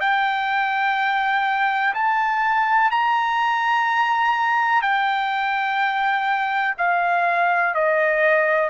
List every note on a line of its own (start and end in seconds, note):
0.00 1.94 G5
1.94 2.91 A5
2.91 4.81 A#5
4.81 6.75 G5
6.77 7.74 F5
7.74 8.69 D#5